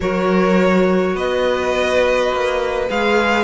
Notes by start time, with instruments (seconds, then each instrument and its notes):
0.00 cello F#3, clarinet F#4, violin A#4 C#5
1.15 cello B3, violin B4 D#5
2.31 cello A#3
2.89 cello G#3, clarinet G#4, violin F5